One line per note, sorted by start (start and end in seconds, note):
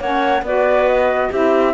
0.00 0.42 A#3
0.00 0.45 C#4
0.00 0.44 C#5
0.00 0.44 F#5
0.42 1.29 B3
0.42 1.33 F#4
0.42 1.30 B4
0.42 0.88 D5
0.88 1.31 D#5
1.30 1.74 C4
1.30 1.74 E4
1.30 1.73 G4
1.30 1.74 E5